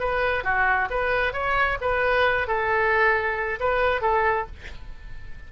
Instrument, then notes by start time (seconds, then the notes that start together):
oboe
0.00 B4
0.44 F#4
0.91 B4
1.33 C#5
1.81 B4
2.48 A4
3.60 B4
4.02 A4